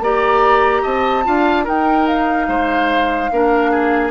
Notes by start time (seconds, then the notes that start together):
0.00 A#3 G4 D5 A#5
0.82 C4 D#5 A5
1.24 D4 F4 F5
1.64 D#4 A#4 G5
2.07 F5
2.48 G#3 C5
3.31 A#3 D4 A#4
3.71 G#4